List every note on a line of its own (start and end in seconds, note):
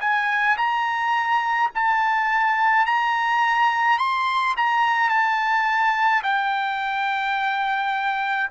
0.00 0.57 G#5
0.57 1.70 A#5
1.74 2.86 A5
2.86 3.98 A#5
3.98 4.55 C6
4.56 5.09 A#5
5.09 6.22 A5
6.23 8.50 G5